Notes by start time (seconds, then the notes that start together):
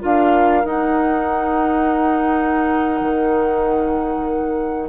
0.00 D4 F4 A#4 F5
0.64 D#4 F#5
3.01 D#3